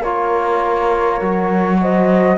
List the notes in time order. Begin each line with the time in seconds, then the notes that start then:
0.00 A#3 F4 A#4 C#5
1.21 F#3 F#4
1.81 C5 D#5